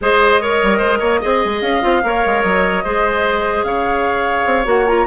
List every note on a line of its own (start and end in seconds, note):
0.01 0.61 G#3
0.01 0.40 G#4
0.01 0.41 C5
0.01 1.61 D#5
0.40 1.21 A#4
0.40 0.77 C#5
0.62 0.80 G3
0.77 1.00 G#3
0.77 0.98 C5
0.99 1.20 A#3
0.99 1.20 C#5
1.21 1.44 C4
1.21 1.81 G#4
1.21 2.02 D#5
1.44 1.61 G#3
1.61 1.82 C#4
1.61 2.42 F5
1.81 2.03 C4
1.81 2.01 F4
2.03 2.23 A#3
2.03 2.84 A#4
2.03 2.84 C#5
2.25 2.43 G#3
2.42 2.84 F#3
2.42 3.64 D#5
2.84 3.63 G#3
2.84 4.65 G#4
2.84 3.65 C5
3.63 4.44 C#3
3.63 5.07 C#5
3.63 4.65 F5
4.45 4.65 C4
4.65 5.06 A#3
4.65 4.85 F#4
4.65 4.87 F#5
4.87 5.07 F4
4.87 5.07 A#5